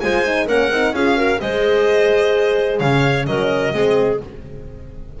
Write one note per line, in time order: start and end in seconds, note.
0.00 0.48 G#3
0.00 0.25 F4
0.00 0.46 C5
0.00 0.47 G#5
0.25 0.47 D#4
0.46 0.70 A#3
0.46 0.71 C#4
0.46 0.93 A#4
0.46 0.94 F#5
0.70 0.91 C4
0.70 0.94 D#4
0.91 1.38 C#4
0.91 1.14 F4
0.91 1.16 G#4
0.91 1.40 F5
1.14 1.38 F#4
1.14 1.40 A#4
1.40 2.80 G#3
1.40 3.25 G#4
1.40 2.80 C5
1.40 2.79 D#5
2.79 3.26 C#3
2.79 3.26 C#5
2.79 3.25 F5
3.25 3.73 F#3
3.25 3.72 C#4
3.25 3.74 A#4
3.25 4.19 D#5
3.72 4.20 G#3
3.72 4.19 C4
3.72 4.20 G#4